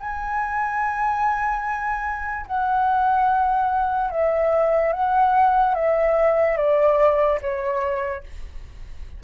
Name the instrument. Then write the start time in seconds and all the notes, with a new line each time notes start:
flute
0.00 G#5
2.47 F#5
4.11 E5
4.93 F#5
5.75 E5
6.58 D5
7.42 C#5